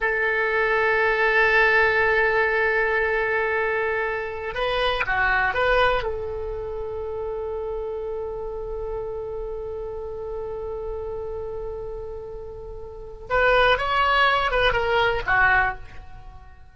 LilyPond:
\new Staff \with { instrumentName = "oboe" } { \time 4/4 \tempo 4 = 122 a'1~ | a'1~ | a'4~ a'16 b'4 fis'4 b'8.~ | b'16 a'2.~ a'8.~ |
a'1~ | a'1~ | a'2. b'4 | cis''4. b'8 ais'4 fis'4 | }